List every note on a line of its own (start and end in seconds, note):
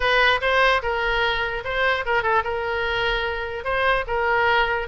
0.00 0.40 B4
0.41 0.81 C5
0.82 1.63 A#4
1.64 2.05 C5
2.05 2.23 A#4
2.23 2.43 A4
2.44 3.64 A#4
3.64 4.04 C5
4.07 4.87 A#4